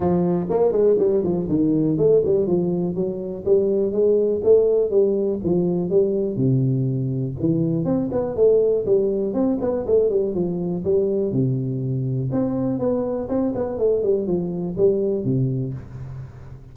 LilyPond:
\new Staff \with { instrumentName = "tuba" } { \time 4/4 \tempo 4 = 122 f4 ais8 gis8 g8 f8 dis4 | a8 g8 f4 fis4 g4 | gis4 a4 g4 f4 | g4 c2 e4 |
c'8 b8 a4 g4 c'8 b8 | a8 g8 f4 g4 c4~ | c4 c'4 b4 c'8 b8 | a8 g8 f4 g4 c4 | }